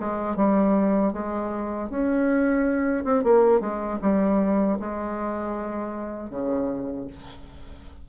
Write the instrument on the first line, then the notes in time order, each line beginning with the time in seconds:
bassoon
0.00 G#3
0.36 G3
1.13 G#3
1.90 C#4
3.04 C4
3.24 A#3
3.60 G#3
4.02 G3
4.80 G#3
6.30 C#3